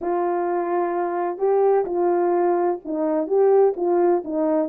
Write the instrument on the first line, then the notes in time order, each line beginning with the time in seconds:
horn
0.01 F4
1.38 G4
1.85 F4
2.84 D#4
3.27 G4
3.76 F4
4.24 D#4